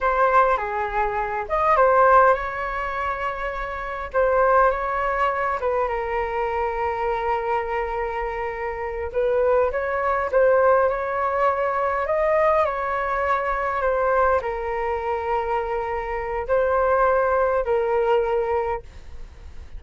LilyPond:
\new Staff \with { instrumentName = "flute" } { \time 4/4 \tempo 4 = 102 c''4 gis'4. dis''8 c''4 | cis''2. c''4 | cis''4. b'8 ais'2~ | ais'2.~ ais'8 b'8~ |
b'8 cis''4 c''4 cis''4.~ | cis''8 dis''4 cis''2 c''8~ | c''8 ais'2.~ ais'8 | c''2 ais'2 | }